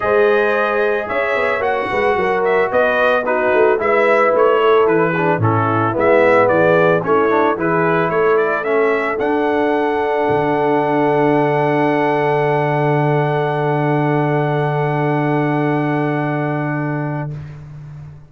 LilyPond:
<<
  \new Staff \with { instrumentName = "trumpet" } { \time 4/4 \tempo 4 = 111 dis''2 e''4 fis''4~ | fis''8 e''8 dis''4 b'4 e''4 | cis''4 b'4 a'4 e''4 | d''4 cis''4 b'4 cis''8 d''8 |
e''4 fis''2.~ | fis''1~ | fis''1~ | fis''1 | }
  \new Staff \with { instrumentName = "horn" } { \time 4/4 c''2 cis''4. b'8 | ais'4 b'4 fis'4 b'4~ | b'8 a'4 gis'8 e'2 | gis'4 e'4 gis'4 a'4~ |
a'1~ | a'1~ | a'1~ | a'1 | }
  \new Staff \with { instrumentName = "trombone" } { \time 4/4 gis'2. fis'4~ | fis'2 dis'4 e'4~ | e'4. d'8 cis'4 b4~ | b4 cis'8 d'8 e'2 |
cis'4 d'2.~ | d'1~ | d'1~ | d'1 | }
  \new Staff \with { instrumentName = "tuba" } { \time 4/4 gis2 cis'8 b8 ais8 gis8 | fis4 b4. a8 gis4 | a4 e4 a,4 gis4 | e4 a4 e4 a4~ |
a4 d'2 d4~ | d1~ | d1~ | d1 | }
>>